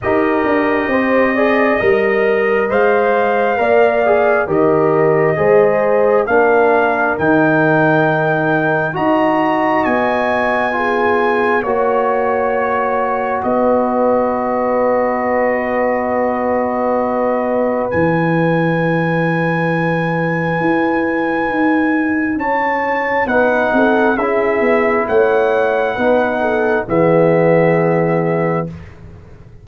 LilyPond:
<<
  \new Staff \with { instrumentName = "trumpet" } { \time 4/4 \tempo 4 = 67 dis''2. f''4~ | f''4 dis''2 f''4 | g''2 ais''4 gis''4~ | gis''4 cis''2 dis''4~ |
dis''1 | gis''1~ | gis''4 a''4 fis''4 e''4 | fis''2 e''2 | }
  \new Staff \with { instrumentName = "horn" } { \time 4/4 ais'4 c''8 d''8 dis''2 | d''4 ais'4 c''4 ais'4~ | ais'2 dis''2 | gis'4 cis''2 b'4~ |
b'1~ | b'1~ | b'4 cis''4 b'8 a'8 gis'4 | cis''4 b'8 a'8 gis'2 | }
  \new Staff \with { instrumentName = "trombone" } { \time 4/4 g'4. gis'8 ais'4 c''4 | ais'8 gis'8 g'4 gis'4 d'4 | dis'2 fis'2 | f'4 fis'2.~ |
fis'1 | e'1~ | e'2 dis'4 e'4~ | e'4 dis'4 b2 | }
  \new Staff \with { instrumentName = "tuba" } { \time 4/4 dis'8 d'8 c'4 g4 gis4 | ais4 dis4 gis4 ais4 | dis2 dis'4 b4~ | b4 ais2 b4~ |
b1 | e2. e'4 | dis'4 cis'4 b8 c'8 cis'8 b8 | a4 b4 e2 | }
>>